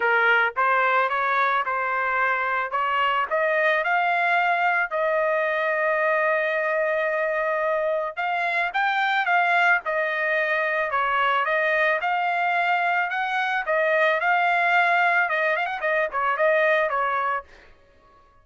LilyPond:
\new Staff \with { instrumentName = "trumpet" } { \time 4/4 \tempo 4 = 110 ais'4 c''4 cis''4 c''4~ | c''4 cis''4 dis''4 f''4~ | f''4 dis''2.~ | dis''2. f''4 |
g''4 f''4 dis''2 | cis''4 dis''4 f''2 | fis''4 dis''4 f''2 | dis''8 f''16 fis''16 dis''8 cis''8 dis''4 cis''4 | }